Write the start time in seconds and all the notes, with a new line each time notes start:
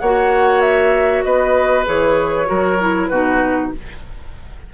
0.00 A#3 F#4 C#5 F#5
0.61 E5
1.23 B3 B4 D#5
1.86 E3 G#4 C#5
2.46 F#3 F#4 A#4
2.81 E4
3.07 B2 D#4 F#4 B4